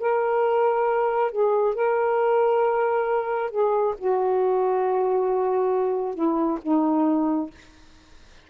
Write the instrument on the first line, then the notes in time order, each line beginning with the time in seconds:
saxophone
0.00 A#4
1.32 G#4
1.75 A#4
3.51 G#4
3.98 F#4
6.15 E4
6.63 D#4